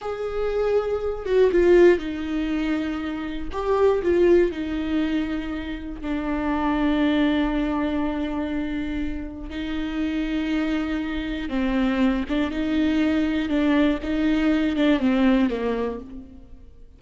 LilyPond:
\new Staff \with { instrumentName = "viola" } { \time 4/4 \tempo 4 = 120 gis'2~ gis'8 fis'8 f'4 | dis'2. g'4 | f'4 dis'2. | d'1~ |
d'2. dis'4~ | dis'2. c'4~ | c'8 d'8 dis'2 d'4 | dis'4. d'8 c'4 ais4 | }